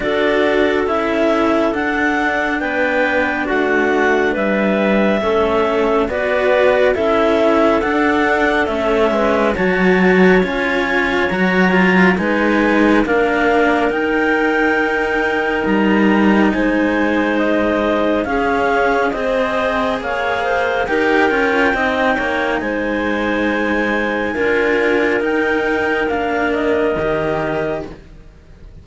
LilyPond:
<<
  \new Staff \with { instrumentName = "clarinet" } { \time 4/4 \tempo 4 = 69 d''4 e''4 fis''4 g''4 | fis''4 e''2 d''4 | e''4 fis''4 e''4 a''4 | gis''4 ais''4 gis''4 f''4 |
g''2 ais''4 gis''4 | dis''4 f''4 dis''4 f''4 | g''2 gis''2~ | gis''4 g''4 f''8 dis''4. | }
  \new Staff \with { instrumentName = "clarinet" } { \time 4/4 a'2. b'4 | fis'4 b'4 a'4 b'4 | a'2~ a'8 b'8 cis''4~ | cis''2 b'4 ais'4~ |
ais'2. c''4~ | c''4 gis'4 c''4 cis''8 c''8 | ais'4 dis''8 cis''8 c''2 | ais'1 | }
  \new Staff \with { instrumentName = "cello" } { \time 4/4 fis'4 e'4 d'2~ | d'2 cis'4 fis'4 | e'4 d'4 cis'4 fis'4 | f'4 fis'8 f'8 dis'4 d'4 |
dis'1~ | dis'4 cis'4 gis'2 | g'8 f'8 dis'2. | f'4 dis'4 d'4 g'4 | }
  \new Staff \with { instrumentName = "cello" } { \time 4/4 d'4 cis'4 d'4 b4 | a4 g4 a4 b4 | cis'4 d'4 a8 gis8 fis4 | cis'4 fis4 gis4 ais4 |
dis'2 g4 gis4~ | gis4 cis'4 c'4 ais4 | dis'8 cis'8 c'8 ais8 gis2 | d'4 dis'4 ais4 dis4 | }
>>